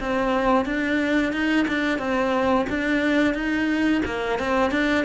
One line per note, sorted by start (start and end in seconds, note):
0.00 0.65 C4
0.65 1.33 D4
1.33 1.66 D#4
1.68 1.99 D4
1.99 2.66 C4
2.69 3.34 D4
3.34 4.02 D#4
4.05 4.39 A#3
4.39 4.71 C4
4.71 5.05 D4